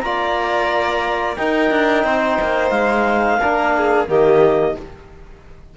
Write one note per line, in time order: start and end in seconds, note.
0.00 1.37 A#3
0.00 1.37 F4
0.00 1.37 D5
0.00 1.35 A#5
1.36 3.39 D#4
1.36 1.70 D#4
1.36 2.04 A#4
1.36 2.70 G5
1.70 2.04 D4
2.04 2.38 C4
2.04 3.39 C5
2.40 2.70 A#3
2.70 3.38 G#3
2.70 4.05 F5
3.39 4.08 A#3
3.39 4.07 D4
3.39 3.72 A#4
3.77 4.09 G#4
4.07 4.75 D#3
4.07 4.74 A#3
4.07 4.76 G4
4.07 4.77 D#5